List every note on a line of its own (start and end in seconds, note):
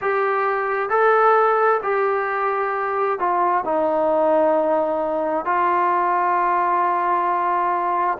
0.01 0.89 G4
0.89 1.80 A4
1.82 3.19 G4
3.19 3.64 F4
3.64 5.45 D#4
5.45 8.17 F4